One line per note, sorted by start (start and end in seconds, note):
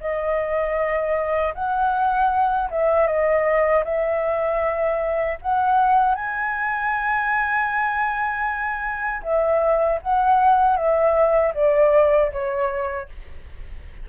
0.00 1.54 D#5
1.54 2.69 F#5
2.70 3.06 E5
3.06 3.83 D#5
3.84 5.38 E5
5.41 6.15 F#5
6.15 9.22 G#5
9.23 10.00 E5
10.02 10.76 F#5
10.76 11.53 E5
11.54 12.31 D5
12.31 13.08 C#5